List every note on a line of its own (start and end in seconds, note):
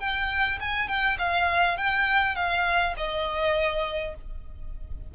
0.00 0.59 G5
0.60 0.88 G#5
0.88 1.18 G5
1.19 1.78 F5
1.78 2.35 G5
2.35 2.94 F5
2.97 4.15 D#5